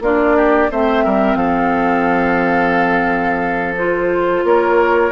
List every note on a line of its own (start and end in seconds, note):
0.00 0.68 A#3
0.00 0.70 D4
0.00 0.36 F4
0.00 0.71 D5
0.36 0.70 G4
0.70 1.05 A3
0.70 3.77 C4
0.70 1.04 C5
0.70 1.35 E5
1.04 1.34 G3
1.04 1.37 A#4
1.34 4.41 F3
1.34 4.44 A4
1.34 3.74 F5
3.77 5.11 F4
3.77 4.45 C5
4.44 5.11 A#3
4.44 5.11 A#4
4.44 5.11 C#5